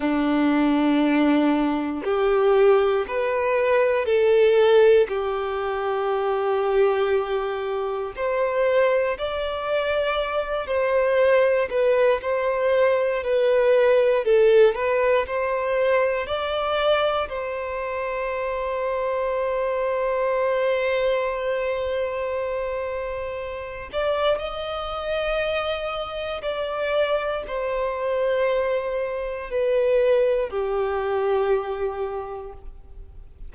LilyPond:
\new Staff \with { instrumentName = "violin" } { \time 4/4 \tempo 4 = 59 d'2 g'4 b'4 | a'4 g'2. | c''4 d''4. c''4 b'8 | c''4 b'4 a'8 b'8 c''4 |
d''4 c''2.~ | c''2.~ c''8 d''8 | dis''2 d''4 c''4~ | c''4 b'4 g'2 | }